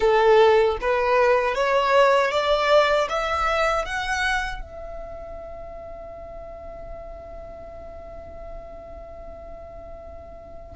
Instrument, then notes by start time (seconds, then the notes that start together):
violin
0.00 A4
0.81 B4
1.55 C#5
2.31 D5
3.09 E5
3.85 F#5
4.61 E5